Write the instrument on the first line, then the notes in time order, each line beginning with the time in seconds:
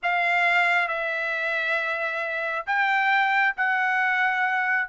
trumpet
0.02 F5
0.87 E5
2.66 G5
3.56 F#5